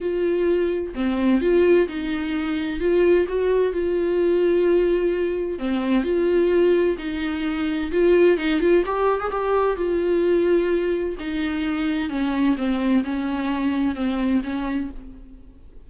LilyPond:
\new Staff \with { instrumentName = "viola" } { \time 4/4 \tempo 4 = 129 f'2 c'4 f'4 | dis'2 f'4 fis'4 | f'1 | c'4 f'2 dis'4~ |
dis'4 f'4 dis'8 f'8 g'8. gis'16 | g'4 f'2. | dis'2 cis'4 c'4 | cis'2 c'4 cis'4 | }